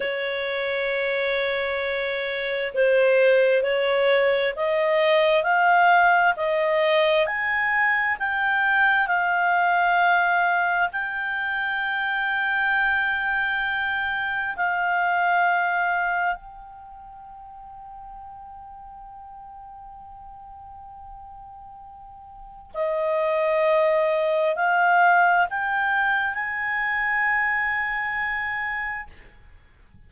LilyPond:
\new Staff \with { instrumentName = "clarinet" } { \time 4/4 \tempo 4 = 66 cis''2. c''4 | cis''4 dis''4 f''4 dis''4 | gis''4 g''4 f''2 | g''1 |
f''2 g''2~ | g''1~ | g''4 dis''2 f''4 | g''4 gis''2. | }